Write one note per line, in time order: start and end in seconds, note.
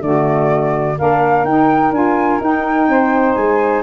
0.00 0.96 D3
0.00 0.95 A3
0.00 0.98 F#4
0.00 0.97 D5
0.98 1.44 A#3
0.98 1.46 D4
0.98 2.88 A#4
0.98 1.45 F5
1.44 1.91 D#4
1.44 1.93 D#4
1.44 1.92 G5
1.91 2.39 D4
1.91 2.40 F4
1.91 2.41 G#5
2.40 2.88 D#4
2.40 3.83 D#4
2.40 3.35 G5
2.88 3.36 C4
2.88 3.83 C5
3.35 3.83 G#3
3.35 3.82 G#5